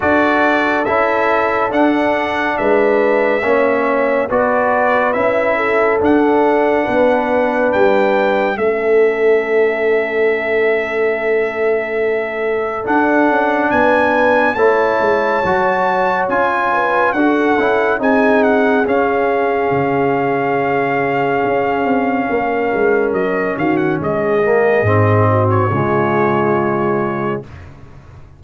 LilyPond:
<<
  \new Staff \with { instrumentName = "trumpet" } { \time 4/4 \tempo 4 = 70 d''4 e''4 fis''4 e''4~ | e''4 d''4 e''4 fis''4~ | fis''4 g''4 e''2~ | e''2. fis''4 |
gis''4 a''2 gis''4 | fis''4 gis''8 fis''8 f''2~ | f''2. dis''8 f''16 fis''16 | dis''4.~ dis''16 cis''2~ cis''16 | }
  \new Staff \with { instrumentName = "horn" } { \time 4/4 a'2. b'4 | cis''4 b'4. a'4. | b'2 a'2~ | a'1 |
b'4 cis''2~ cis''8 b'8 | a'4 gis'2.~ | gis'2 ais'4. fis'8 | gis'4. fis'8 f'2 | }
  \new Staff \with { instrumentName = "trombone" } { \time 4/4 fis'4 e'4 d'2 | cis'4 fis'4 e'4 d'4~ | d'2 cis'2~ | cis'2. d'4~ |
d'4 e'4 fis'4 f'4 | fis'8 e'8 dis'4 cis'2~ | cis'1~ | cis'8 ais8 c'4 gis2 | }
  \new Staff \with { instrumentName = "tuba" } { \time 4/4 d'4 cis'4 d'4 gis4 | ais4 b4 cis'4 d'4 | b4 g4 a2~ | a2. d'8 cis'8 |
b4 a8 gis8 fis4 cis'4 | d'8 cis'8 c'4 cis'4 cis4~ | cis4 cis'8 c'8 ais8 gis8 fis8 dis8 | gis4 gis,4 cis2 | }
>>